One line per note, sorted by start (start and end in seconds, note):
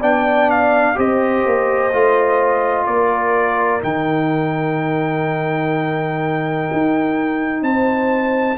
0.00 0.96 B3
0.00 0.95 D4
0.00 0.95 D5
0.00 0.50 G5
0.50 0.98 F5
0.95 1.45 C4
0.95 1.90 G4
0.95 2.87 C5
0.95 2.86 D#5
1.45 1.93 A#3
1.93 2.87 A3
1.93 3.80 F4
2.86 3.82 A#3
2.86 7.64 A#4
2.86 3.81 D5
3.80 6.69 D#3
3.80 8.57 D#4
3.80 7.63 G5
6.72 7.62 D#4
7.62 8.57 C4
7.62 8.58 C5
7.62 8.58 A5